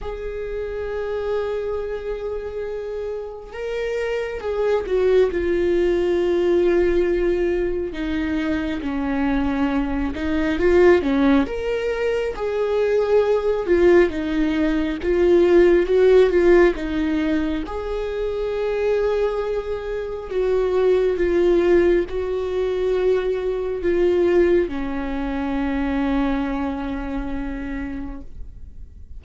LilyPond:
\new Staff \with { instrumentName = "viola" } { \time 4/4 \tempo 4 = 68 gis'1 | ais'4 gis'8 fis'8 f'2~ | f'4 dis'4 cis'4. dis'8 | f'8 cis'8 ais'4 gis'4. f'8 |
dis'4 f'4 fis'8 f'8 dis'4 | gis'2. fis'4 | f'4 fis'2 f'4 | cis'1 | }